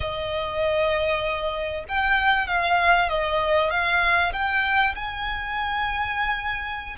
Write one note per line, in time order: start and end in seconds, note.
0.00 1.84 D#5
1.88 2.47 G5
2.47 3.09 F5
3.09 3.70 D#5
3.70 4.32 F5
4.32 4.94 G5
4.95 6.96 G#5